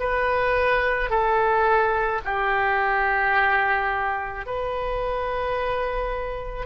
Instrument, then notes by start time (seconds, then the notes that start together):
oboe
0.00 B4
1.10 A4
2.25 G4
4.46 B4